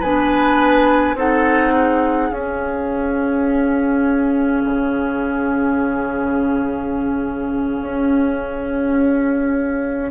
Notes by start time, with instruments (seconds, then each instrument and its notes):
0.00 bassoon B3, clarinet D4, oboe B4, flute G#5
1.15 bassoon C4, clarinet D#4, oboe A4, flute F#5
1.74 oboe G#4
2.32 bassoon C#4, clarinet C#4, flute F5
4.65 bassoon C#3
7.81 bassoon C#4